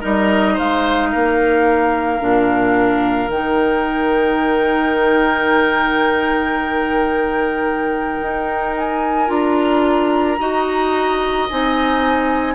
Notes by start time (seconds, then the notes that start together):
0.00 G3 D#4 A#4 D#5
0.53 G#3 C5 F5
1.12 A#3 A#4
2.19 A#2 D4
3.27 D#3 D#4 G5
8.22 D#4
8.76 G#5
9.27 D4 F4 A#5
10.39 D#4 F#4 D#5
11.49 C4 D#4 G#5